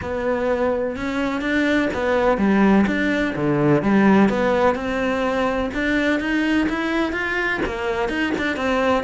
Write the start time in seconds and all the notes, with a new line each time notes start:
0.01 B3
0.96 C#4
1.41 D4
1.93 B3
2.37 G3
2.86 D4
3.35 D3
3.82 G3
4.29 B3
4.75 C4
5.74 D4
6.19 D#4
6.69 E4
7.12 F4
7.65 A#3
8.08 D#4
8.38 D4
8.56 C4